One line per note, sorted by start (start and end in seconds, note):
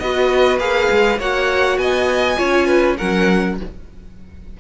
0.00 0.59 B3
0.00 0.60 F#4
0.00 1.19 B4
0.00 0.59 D#5
0.59 0.89 A#3
0.59 1.19 G#4
0.59 1.19 F5
0.91 1.19 G#3
1.19 1.78 A#3
1.19 2.37 F#4
1.19 1.79 C#5
1.19 1.78 F#5
1.78 2.37 B3
1.78 2.38 D#5
1.78 2.97 G#5
2.37 3.00 C#4
2.37 2.97 F4
2.37 2.67 C#5
2.67 2.97 B4
2.98 3.60 F#3
2.98 3.59 C#4
2.98 3.58 A#4
2.98 3.58 F#5